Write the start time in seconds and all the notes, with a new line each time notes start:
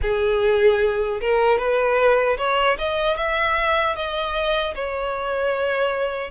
0.02 G#4
1.20 A#4
1.58 B4
2.37 C#5
2.78 D#5
3.17 E5
3.95 D#5
4.74 C#5